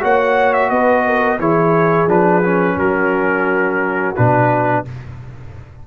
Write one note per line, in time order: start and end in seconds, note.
0.00 0.70 A#3
0.00 1.38 F#4
0.00 0.70 C#5
0.00 0.53 F#5
0.53 0.69 E5
0.69 1.39 B3
0.69 1.05 B4
0.69 1.38 D#5
1.06 1.39 A#4
1.39 2.07 E3
1.39 2.07 E4
1.39 2.77 G#4
1.39 2.09 C#5
2.07 2.76 F3
2.07 2.42 D4
2.07 2.78 B4
2.43 4.15 C#4
2.76 4.14 F#3
2.76 4.84 F#4
2.76 4.15 A#4
4.15 4.87 B2
4.15 4.85 D4
4.15 4.84 B4